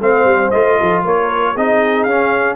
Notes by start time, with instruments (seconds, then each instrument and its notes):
0.00 tuba A3, trombone C4, horn C5, trumpet F5
0.25 tuba G3
0.51 tuba A3, trombone F4, trumpet D#5
0.78 tuba F3, horn A4
1.04 tuba A#3, horn A#4, trumpet C#5
1.54 tuba C4, trombone D#4, horn G#4, trumpet D#5
2.04 tuba C#4, trombone C#4, trumpet F5